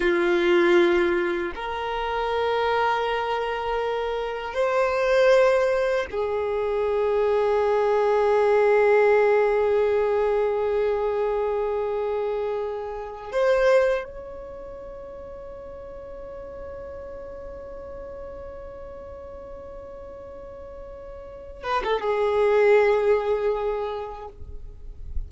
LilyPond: \new Staff \with { instrumentName = "violin" } { \time 4/4 \tempo 4 = 79 f'2 ais'2~ | ais'2 c''2 | gis'1~ | gis'1~ |
gis'4. c''4 cis''4.~ | cis''1~ | cis''1~ | cis''8 b'16 a'16 gis'2. | }